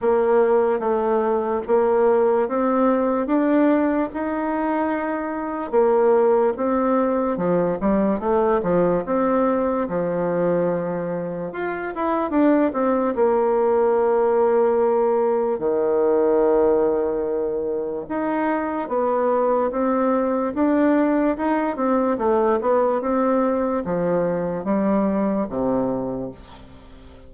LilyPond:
\new Staff \with { instrumentName = "bassoon" } { \time 4/4 \tempo 4 = 73 ais4 a4 ais4 c'4 | d'4 dis'2 ais4 | c'4 f8 g8 a8 f8 c'4 | f2 f'8 e'8 d'8 c'8 |
ais2. dis4~ | dis2 dis'4 b4 | c'4 d'4 dis'8 c'8 a8 b8 | c'4 f4 g4 c4 | }